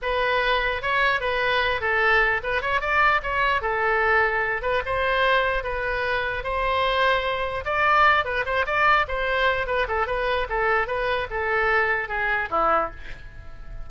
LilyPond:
\new Staff \with { instrumentName = "oboe" } { \time 4/4 \tempo 4 = 149 b'2 cis''4 b'4~ | b'8 a'4. b'8 cis''8 d''4 | cis''4 a'2~ a'8 b'8 | c''2 b'2 |
c''2. d''4~ | d''8 b'8 c''8 d''4 c''4. | b'8 a'8 b'4 a'4 b'4 | a'2 gis'4 e'4 | }